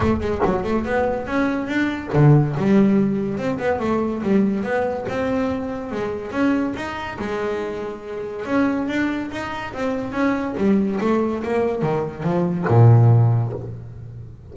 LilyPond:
\new Staff \with { instrumentName = "double bass" } { \time 4/4 \tempo 4 = 142 a8 gis8 fis8 a8 b4 cis'4 | d'4 d4 g2 | c'8 b8 a4 g4 b4 | c'2 gis4 cis'4 |
dis'4 gis2. | cis'4 d'4 dis'4 c'4 | cis'4 g4 a4 ais4 | dis4 f4 ais,2 | }